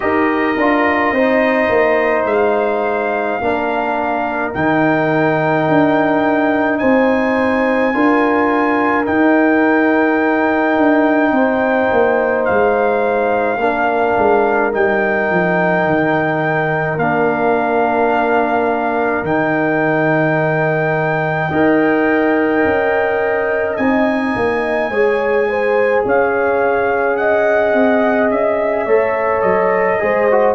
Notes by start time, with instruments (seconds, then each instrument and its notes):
0.00 tuba D#4, trombone G4, horn A#4, trumpet D#5
0.57 tuba D4, trombone F4
1.12 tuba C4, trombone D#4, horn C5
1.69 tuba A#3
2.25 tuba G#3, trumpet F5
3.41 tuba A#3, trombone D4, horn A#4
4.53 tuba D#3, trombone D#4, trumpet G5
5.68 tuba D4
6.78 tuba C4, horn C5, trumpet G#5
7.93 tuba D4, trombone F4, horn A#4
9.04 trombone D#4, tuba D#4, trumpet G5
10.77 tuba D4
11.31 tuba C4, horn C5
11.92 tuba A#3
12.45 tuba G#3, trumpet F5
13.57 tuba A#3, trombone D4, horn A#4
14.18 tuba G#3
14.71 tuba G3, trombone D#4, trumpet G5
15.30 tuba F3
15.85 tuba D#3
16.97 tuba A#3, trombone D4, trumpet F5
19.22 tuba D#3, trombone D#4, trumpet G5
21.49 tuba D#4, trombone A#4, horn D#5
22.64 tuba C#4
23.76 tuba C4, trombone D#4, trumpet G#5
24.35 tuba A#3
24.89 tuba G#3, trombone G#4, horn C#5
25.49 horn C5
26.05 tuba C#4, horn C#5, trumpet F5
27.16 horn D#5, trumpet F#5
27.73 tuba C4
28.30 tuba C#4, trumpet E5
28.85 tuba A3, trombone A4, horn C#5
29.41 tuba F#3, trumpet D#5
29.99 tuba G#3, trombone G#4, horn C5
30.30 trombone F#4